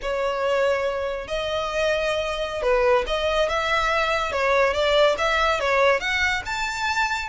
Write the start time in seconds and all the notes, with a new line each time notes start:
0.02 C#5
1.27 D#5
2.62 B4
3.06 D#5
3.48 E5
4.32 C#5
4.73 D5
5.18 E5
5.59 C#5
6.00 F#5
6.45 A5